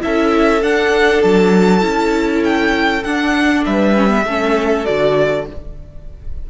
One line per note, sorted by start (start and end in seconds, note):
0.00 0.62 C#4
0.00 0.61 E4
0.00 3.66 A4
0.00 0.63 E5
0.62 1.23 D4
0.62 1.81 D4
0.62 1.22 F#5
1.22 1.83 F#3
1.22 2.44 A5
1.81 3.04 C#4
1.81 3.02 E4
2.44 3.04 G5
3.04 3.65 D4
3.04 3.96 D4
3.04 3.64 F#5
3.66 4.25 G3
3.66 4.25 B4
3.66 4.85 E5
3.96 4.08 C#4
4.08 4.23 B3
4.25 4.86 A3
4.25 4.86 C#4
4.25 5.46 A4
4.85 5.51 D3
4.85 5.46 F#4
4.85 5.46 D5